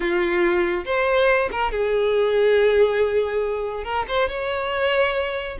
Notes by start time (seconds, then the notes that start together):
0.00 F4
0.85 C5
1.51 A#4
1.71 G#4
3.84 A#4
4.07 C5
4.29 C#5